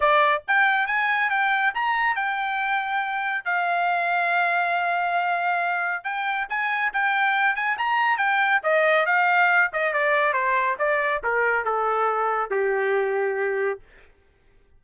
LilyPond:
\new Staff \with { instrumentName = "trumpet" } { \time 4/4 \tempo 4 = 139 d''4 g''4 gis''4 g''4 | ais''4 g''2. | f''1~ | f''2 g''4 gis''4 |
g''4. gis''8 ais''4 g''4 | dis''4 f''4. dis''8 d''4 | c''4 d''4 ais'4 a'4~ | a'4 g'2. | }